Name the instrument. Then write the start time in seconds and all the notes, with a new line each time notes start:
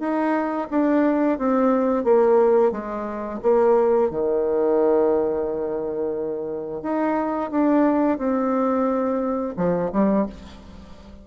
bassoon
0.00 D#4
0.71 D4
1.39 C4
2.05 A#3
2.72 G#3
3.43 A#3
4.11 D#3
6.83 D#4
7.51 D4
8.18 C4
9.57 F3
9.93 G3